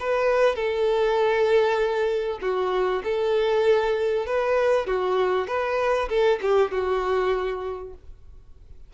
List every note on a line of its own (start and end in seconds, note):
0.00 0.55 B4
0.55 2.39 A4
2.42 3.03 F#4
3.04 4.26 A4
4.26 4.87 B4
4.87 5.48 F#4
5.48 6.09 B4
6.09 6.40 A4
6.42 6.72 G4
6.72 7.94 F#4